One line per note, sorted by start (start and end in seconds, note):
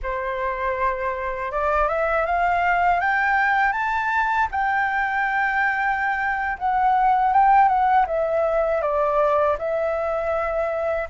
0.02 1.51 C5
1.51 1.88 D5
1.88 2.26 E5
2.26 3.00 F5
3.00 3.72 G5
3.72 4.47 A5
4.51 6.57 G5
6.58 7.33 F#5
7.33 7.68 G5
7.68 8.05 F#5
8.06 8.81 E5
8.81 9.56 D5
9.58 11.08 E5